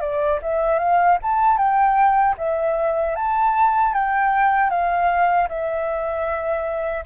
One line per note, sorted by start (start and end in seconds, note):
0.00 0.39 D5
0.42 0.79 E5
0.79 1.18 F5
1.22 1.57 A5
1.57 2.35 G5
2.37 3.15 E5
3.15 3.93 A5
3.93 4.70 G5
4.70 5.48 F5
5.48 7.04 E5